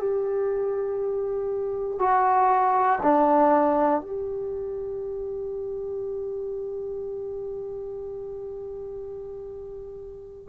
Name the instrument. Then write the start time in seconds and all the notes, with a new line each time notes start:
trombone
0.00 G4
2.00 F#4
3.03 D4
4.02 G4